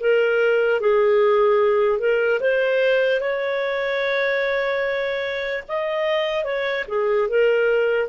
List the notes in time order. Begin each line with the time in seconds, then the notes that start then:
0.00 A#4
0.81 G#4
1.99 A#4
2.40 C5
3.21 C#5
5.68 D#5
6.44 C#5
6.88 G#4
7.29 A#4